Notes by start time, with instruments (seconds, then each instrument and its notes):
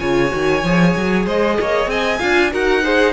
0.00 cello C#3, viola F4, violin C#5 G#5
0.30 cello D#3, viola F#4
0.64 cello F3, viola G#4
0.96 cello F#3
1.26 cello G#3, violin C5 D#5
1.61 cello A#3, violin C#5
1.87 cello C4, violin D#5 G#5
2.19 cello D4, viola F4, violin F5
2.51 cello D#4, viola F#4, violin A#4 F#5
2.83 viola G#4, violin C5